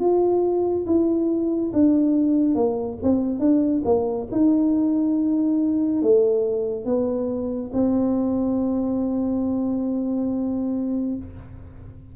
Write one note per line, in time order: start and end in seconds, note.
0.00 0.86 F4
0.86 1.72 E4
1.74 2.56 D4
2.56 2.98 A#3
3.03 3.40 C4
3.40 3.83 D4
3.85 4.28 A#3
4.32 6.03 D#4
6.03 6.85 A3
6.85 7.71 B3
7.74 11.17 C4